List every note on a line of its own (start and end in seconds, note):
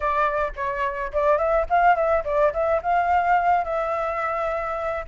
0.00 0.52 D5
0.56 1.12 C#5
1.12 1.38 D5
1.38 1.66 E5
1.69 1.95 F5
1.95 2.23 E5
2.24 2.52 D5
2.53 2.81 E5
2.82 3.64 F5
3.64 5.04 E5